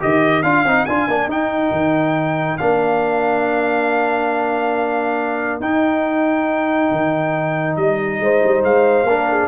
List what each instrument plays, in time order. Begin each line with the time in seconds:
0.00 tuba D#3, trombone G4, horn A#4, trumpet D#5
0.43 tuba D4, trombone F4, trumpet F5
0.65 tuba C4, trombone D#4
0.86 tuba D4, trombone F4, trumpet G#5
1.08 tuba A#3, trombone D4
1.27 tuba D#4, trombone D#4, trumpet G5
1.71 tuba D#3
2.58 tuba A#3, trombone D4, trumpet F5
5.61 tuba D#4, trombone D#4, trumpet G5
6.91 tuba D#3
7.76 tuba G3, trumpet D#5
8.20 tuba G#3, horn C5
8.44 tuba G3
8.64 tuba G#3, trumpet F5
9.04 tuba A#3, trombone D4, horn A#4
9.30 horn G#4